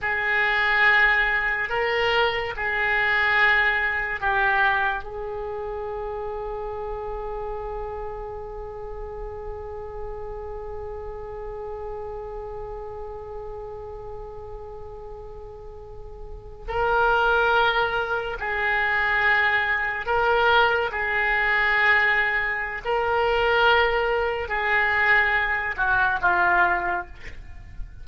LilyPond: \new Staff \with { instrumentName = "oboe" } { \time 4/4 \tempo 4 = 71 gis'2 ais'4 gis'4~ | gis'4 g'4 gis'2~ | gis'1~ | gis'1~ |
gis'2.~ gis'8. ais'16~ | ais'4.~ ais'16 gis'2 ais'16~ | ais'8. gis'2~ gis'16 ais'4~ | ais'4 gis'4. fis'8 f'4 | }